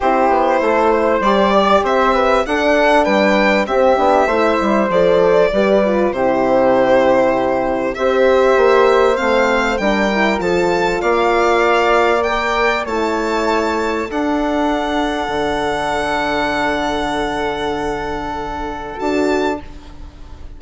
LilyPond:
<<
  \new Staff \with { instrumentName = "violin" } { \time 4/4 \tempo 4 = 98 c''2 d''4 e''4 | fis''4 g''4 e''2 | d''2 c''2~ | c''4 e''2 f''4 |
g''4 a''4 f''2 | g''4 a''2 fis''4~ | fis''1~ | fis''2. a''4 | }
  \new Staff \with { instrumentName = "flute" } { \time 4/4 g'4 a'8 c''4 d''8 c''8 b'8 | a'4 b'4 g'4 c''4~ | c''4 b'4 g'2~ | g'4 c''2. |
ais'4 a'4 d''2~ | d''4 cis''2 a'4~ | a'1~ | a'1 | }
  \new Staff \with { instrumentName = "horn" } { \time 4/4 e'2 g'2 | d'2 c'8 d'8 e'4 | a'4 g'8 f'8 e'2~ | e'4 g'2 c'4 |
d'8 e'8 f'2. | ais'4 e'2 d'4~ | d'1~ | d'2. fis'4 | }
  \new Staff \with { instrumentName = "bassoon" } { \time 4/4 c'8 b8 a4 g4 c'4 | d'4 g4 c'8 b8 a8 g8 | f4 g4 c2~ | c4 c'4 ais4 a4 |
g4 f4 ais2~ | ais4 a2 d'4~ | d'4 d2.~ | d2. d'4 | }
>>